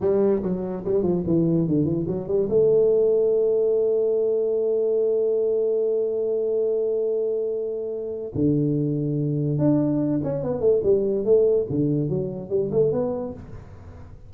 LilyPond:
\new Staff \with { instrumentName = "tuba" } { \time 4/4 \tempo 4 = 144 g4 fis4 g8 f8 e4 | d8 e8 fis8 g8 a2~ | a1~ | a1~ |
a1 | d2. d'4~ | d'8 cis'8 b8 a8 g4 a4 | d4 fis4 g8 a8 b4 | }